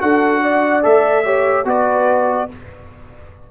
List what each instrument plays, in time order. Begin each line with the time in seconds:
0.00 tuba D4, trombone F#4, horn A4, trumpet F#5
0.43 horn D5
0.82 tuba A3, trombone A4, trumpet E5
1.25 trombone G4, horn C#5
1.65 tuba B3, trombone F#4, horn B4, trumpet D5